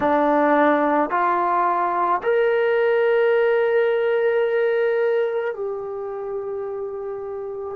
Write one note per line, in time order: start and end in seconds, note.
0.00 1.10 D4
1.10 2.21 F4
2.22 5.54 A#4
5.54 7.75 G4